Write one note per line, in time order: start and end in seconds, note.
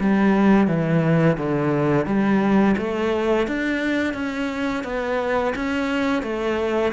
0.00 0.68 G3
0.68 1.38 E3
1.38 2.06 D3
2.06 2.76 G3
2.78 3.48 A3
3.48 4.14 D4
4.14 4.84 C#4
4.84 5.54 B3
5.56 6.23 C#4
6.23 6.93 A3